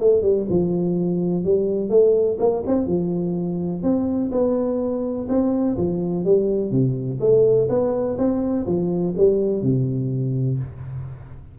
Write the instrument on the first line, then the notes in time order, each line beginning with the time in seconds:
tuba
0.00 A3
0.22 G3
0.50 F3
1.44 G3
1.90 A3
2.39 A#3
2.66 C4
2.87 F3
3.83 C4
4.32 B3
5.29 C4
5.78 F3
6.25 G3
6.71 C3
7.20 A3
7.69 B3
8.18 C4
8.66 F3
9.17 G3
9.62 C3